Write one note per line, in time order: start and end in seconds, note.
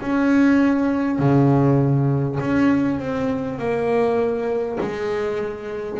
0.00 1.18 C#4
1.18 2.38 C#3
2.40 2.98 C#4
2.98 3.58 C4
3.58 4.78 A#3
4.80 5.99 G#3